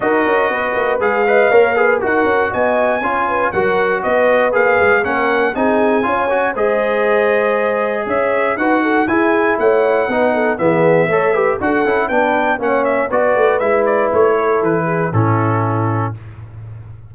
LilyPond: <<
  \new Staff \with { instrumentName = "trumpet" } { \time 4/4 \tempo 4 = 119 dis''2 f''2 | fis''4 gis''2 fis''4 | dis''4 f''4 fis''4 gis''4~ | gis''4 dis''2. |
e''4 fis''4 gis''4 fis''4~ | fis''4 e''2 fis''4 | g''4 fis''8 e''8 d''4 e''8 d''8 | cis''4 b'4 a'2 | }
  \new Staff \with { instrumentName = "horn" } { \time 4/4 ais'4 b'4. dis''8 cis''8 b'8 | ais'4 dis''4 cis''8 b'8 ais'4 | b'2 ais'4 gis'4 | cis''4 c''2. |
cis''4 b'8 a'8 gis'4 cis''4 | b'8 a'8 gis'4 cis''8 b'8 a'4 | b'4 cis''4 b'2~ | b'8 a'4 gis'8 e'2 | }
  \new Staff \with { instrumentName = "trombone" } { \time 4/4 fis'2 gis'8 b'8 ais'8 gis'8 | fis'2 f'4 fis'4~ | fis'4 gis'4 cis'4 dis'4 | f'8 fis'8 gis'2.~ |
gis'4 fis'4 e'2 | dis'4 b4 a'8 g'8 fis'8 e'8 | d'4 cis'4 fis'4 e'4~ | e'2 cis'2 | }
  \new Staff \with { instrumentName = "tuba" } { \time 4/4 dis'8 cis'8 b8 ais8 gis4 ais4 | dis'8 cis'8 b4 cis'4 fis4 | b4 ais8 gis8 ais4 c'4 | cis'4 gis2. |
cis'4 dis'4 e'4 a4 | b4 e4 a4 d'8 cis'8 | b4 ais4 b8 a8 gis4 | a4 e4 a,2 | }
>>